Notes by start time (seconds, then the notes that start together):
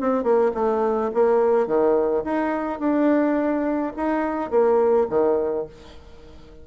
0.00 C4
0.23 A#3
0.54 A3
1.14 A#3
1.67 D#3
2.24 D#4
2.79 D4
3.96 D#4
4.50 A#3
5.09 D#3